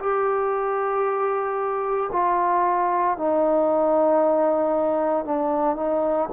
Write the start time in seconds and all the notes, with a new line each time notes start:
0.00 G4
2.12 F4
3.18 D#4
5.25 D4
5.77 D#4